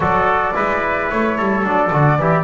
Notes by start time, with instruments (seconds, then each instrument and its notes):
0.00 double bass F#3, trombone F#4, trumpet A4, flute D5
0.54 double bass G#3, trombone E4, trumpet B4
1.10 double bass A3, flute C#5
1.37 double bass G3, trumpet A4
1.63 double bass F#3, trombone D4, flute D5
1.91 double bass D3, trombone F#4
2.18 double bass E3, trombone E4, trumpet G4